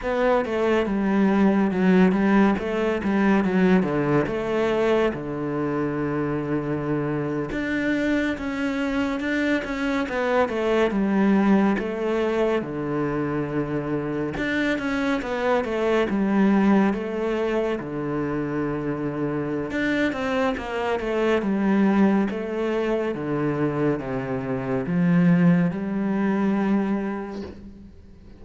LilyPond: \new Staff \with { instrumentName = "cello" } { \time 4/4 \tempo 4 = 70 b8 a8 g4 fis8 g8 a8 g8 | fis8 d8 a4 d2~ | d8. d'4 cis'4 d'8 cis'8 b16~ | b16 a8 g4 a4 d4~ d16~ |
d8. d'8 cis'8 b8 a8 g4 a16~ | a8. d2~ d16 d'8 c'8 | ais8 a8 g4 a4 d4 | c4 f4 g2 | }